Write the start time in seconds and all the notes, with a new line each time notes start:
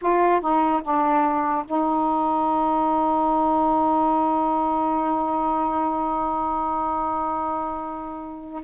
0.01 F4
0.41 D#4
0.83 D4
1.65 D#4